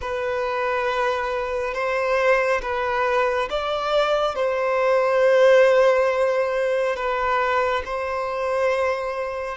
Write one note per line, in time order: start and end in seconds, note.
0.01 1.74 B4
1.74 2.61 C5
2.61 3.48 B4
3.50 4.35 D5
4.35 6.96 C5
6.96 7.83 B4
7.85 9.57 C5